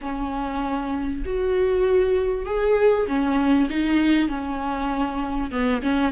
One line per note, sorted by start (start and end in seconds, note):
0.01 1.23 C#4
1.25 2.45 F#4
2.45 3.06 G#4
3.07 3.68 C#4
3.69 4.28 D#4
4.28 5.50 C#4
5.51 5.81 B3
5.82 6.12 C#4